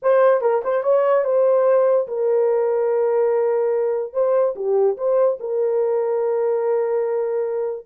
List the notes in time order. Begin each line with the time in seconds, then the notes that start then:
0.02 C5
0.41 A#4
0.64 C5
0.83 C#5
1.24 C5
2.07 A#4
4.13 C5
4.55 G4
4.97 C5
5.40 A#4